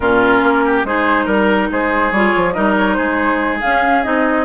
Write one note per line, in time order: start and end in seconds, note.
0.00 0.43 A#2
0.00 0.85 C#4
0.00 0.64 F4
0.00 0.83 A#4
0.43 0.84 A#3
0.65 0.86 G4
0.84 1.26 G#3
0.84 2.13 D#4
0.84 1.25 G#4
0.84 1.27 C5
1.25 1.69 G3
1.25 1.68 A#4
1.25 1.70 A#4
1.71 2.11 G#3
1.71 2.54 G#4
1.71 2.11 C5
2.11 2.32 G3
2.11 2.54 F4
2.11 2.53 C#5
2.36 2.57 F3
2.53 2.98 G3
2.53 3.60 D#4
2.53 2.96 A#4
2.53 2.74 D#5
2.77 2.93 C#5
2.93 3.62 G#3
2.93 4.45 G#4
2.93 3.57 C5
3.60 4.03 C#4
3.60 4.05 C#4
3.60 4.03 F5
4.03 4.45 C4
4.03 4.45 D#4
4.03 4.45 D#5